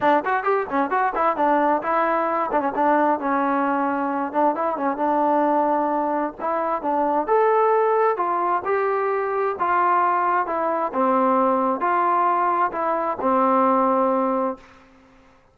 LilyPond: \new Staff \with { instrumentName = "trombone" } { \time 4/4 \tempo 4 = 132 d'8 fis'8 g'8 cis'8 fis'8 e'8 d'4 | e'4. d'16 cis'16 d'4 cis'4~ | cis'4. d'8 e'8 cis'8 d'4~ | d'2 e'4 d'4 |
a'2 f'4 g'4~ | g'4 f'2 e'4 | c'2 f'2 | e'4 c'2. | }